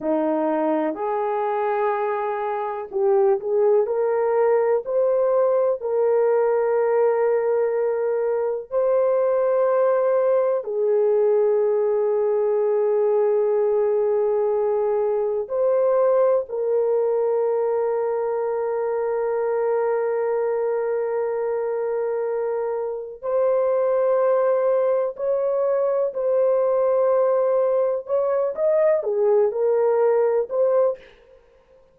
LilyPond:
\new Staff \with { instrumentName = "horn" } { \time 4/4 \tempo 4 = 62 dis'4 gis'2 g'8 gis'8 | ais'4 c''4 ais'2~ | ais'4 c''2 gis'4~ | gis'1 |
c''4 ais'2.~ | ais'1 | c''2 cis''4 c''4~ | c''4 cis''8 dis''8 gis'8 ais'4 c''8 | }